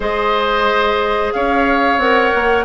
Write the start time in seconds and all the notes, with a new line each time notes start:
0.00 G#3 G#4 C5 D#5
1.32 C#4 C#5 F5
1.97 C4 A#4 F#5
2.34 A#3